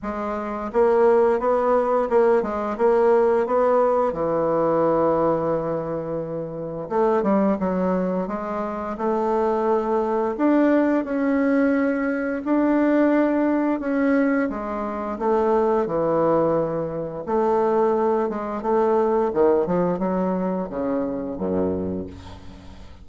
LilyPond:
\new Staff \with { instrumentName = "bassoon" } { \time 4/4 \tempo 4 = 87 gis4 ais4 b4 ais8 gis8 | ais4 b4 e2~ | e2 a8 g8 fis4 | gis4 a2 d'4 |
cis'2 d'2 | cis'4 gis4 a4 e4~ | e4 a4. gis8 a4 | dis8 f8 fis4 cis4 fis,4 | }